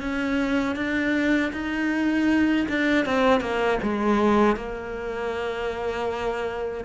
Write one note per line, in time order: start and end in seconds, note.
0.00 0.75 C#4
0.75 1.51 D4
1.52 2.66 D#4
2.68 3.05 D4
3.05 3.40 C4
3.40 3.78 A#3
3.83 4.56 G#3
4.56 6.84 A#3